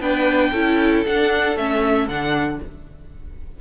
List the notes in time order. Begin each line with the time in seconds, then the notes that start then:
0.00 B3 D4 B4 G5
0.50 C#4 E4 A4
1.06 D4 F#5
1.57 A3 C#4 E5
2.08 D3 D4 F#5